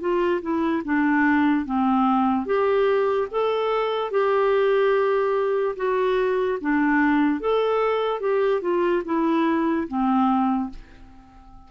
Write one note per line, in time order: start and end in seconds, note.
0.00 0.41 F4
0.42 0.83 E4
0.85 1.66 D4
1.66 2.46 C4
2.46 3.28 G4
3.31 4.11 A4
4.11 5.75 G4
5.76 6.59 F#4
6.61 7.40 D4
7.40 8.20 A4
8.20 8.62 G4
8.62 9.03 F4
9.05 9.87 E4
9.88 10.70 C4